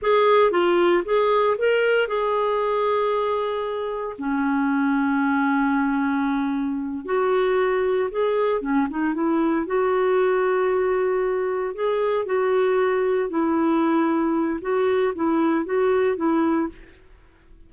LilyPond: \new Staff \with { instrumentName = "clarinet" } { \time 4/4 \tempo 4 = 115 gis'4 f'4 gis'4 ais'4 | gis'1 | cis'1~ | cis'4. fis'2 gis'8~ |
gis'8 cis'8 dis'8 e'4 fis'4.~ | fis'2~ fis'8 gis'4 fis'8~ | fis'4. e'2~ e'8 | fis'4 e'4 fis'4 e'4 | }